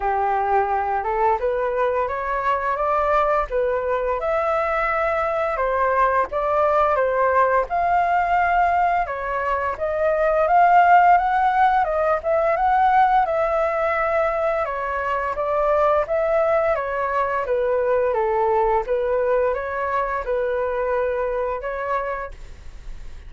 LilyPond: \new Staff \with { instrumentName = "flute" } { \time 4/4 \tempo 4 = 86 g'4. a'8 b'4 cis''4 | d''4 b'4 e''2 | c''4 d''4 c''4 f''4~ | f''4 cis''4 dis''4 f''4 |
fis''4 dis''8 e''8 fis''4 e''4~ | e''4 cis''4 d''4 e''4 | cis''4 b'4 a'4 b'4 | cis''4 b'2 cis''4 | }